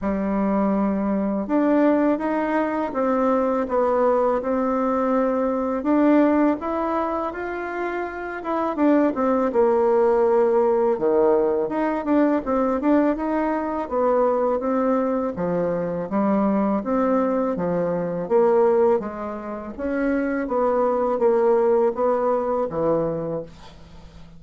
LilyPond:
\new Staff \with { instrumentName = "bassoon" } { \time 4/4 \tempo 4 = 82 g2 d'4 dis'4 | c'4 b4 c'2 | d'4 e'4 f'4. e'8 | d'8 c'8 ais2 dis4 |
dis'8 d'8 c'8 d'8 dis'4 b4 | c'4 f4 g4 c'4 | f4 ais4 gis4 cis'4 | b4 ais4 b4 e4 | }